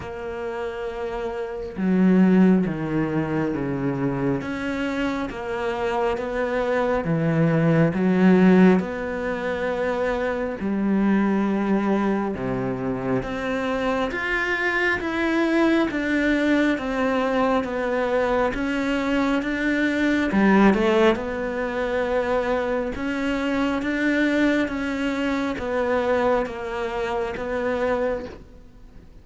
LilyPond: \new Staff \with { instrumentName = "cello" } { \time 4/4 \tempo 4 = 68 ais2 fis4 dis4 | cis4 cis'4 ais4 b4 | e4 fis4 b2 | g2 c4 c'4 |
f'4 e'4 d'4 c'4 | b4 cis'4 d'4 g8 a8 | b2 cis'4 d'4 | cis'4 b4 ais4 b4 | }